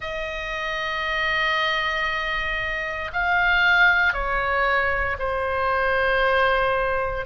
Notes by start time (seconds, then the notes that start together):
0.00 D#5
3.13 F5
4.13 C#5
5.19 C5